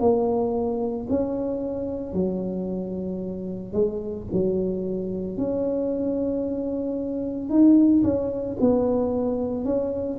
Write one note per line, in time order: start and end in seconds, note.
0.00 1.07 A#3
1.10 2.13 C#4
2.13 3.73 F#3
3.73 4.27 G#3
4.32 5.37 F#3
5.37 7.50 C#4
7.50 8.03 D#4
8.04 8.57 C#4
8.60 9.64 B3
9.64 10.18 C#4